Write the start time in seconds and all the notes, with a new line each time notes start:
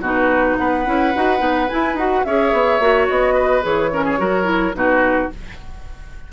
0.00 B2 D#4 F#4 B4
0.58 B3 B4 F#5
0.85 C#4 E4
1.15 D#4 F#4
1.38 B3 D#4
1.69 E4 G#5
1.94 D#4 F#4 F#5
2.24 C#4 G#4 C#5 E5
2.52 B3
2.80 A#3 F#4
3.09 B3 D#5
3.34 B4
3.62 E3 G#4 C#5
3.92 C#4 A#4
4.05 G#4
4.19 F#3 F#4 A#4
4.44 E4
4.74 B2 D#4 F#4 B4